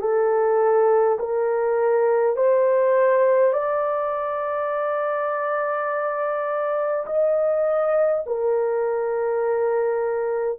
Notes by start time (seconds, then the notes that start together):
0.00 A4
1.19 A#4
2.36 C5
3.53 D5
7.06 D#5
8.26 A#4